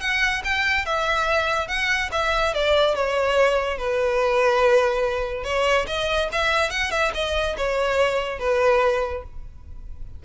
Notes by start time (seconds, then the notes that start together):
0.00 F#5
0.44 G5
0.85 E5
1.68 F#5
2.12 E5
2.54 D5
2.95 C#5
3.78 B4
5.44 C#5
5.87 D#5
6.32 E5
6.70 F#5
6.91 E5
7.14 D#5
7.57 C#5
8.39 B4